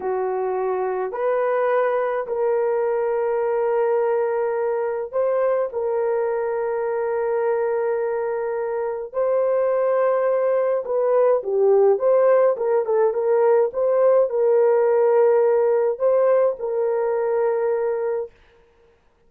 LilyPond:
\new Staff \with { instrumentName = "horn" } { \time 4/4 \tempo 4 = 105 fis'2 b'2 | ais'1~ | ais'4 c''4 ais'2~ | ais'1 |
c''2. b'4 | g'4 c''4 ais'8 a'8 ais'4 | c''4 ais'2. | c''4 ais'2. | }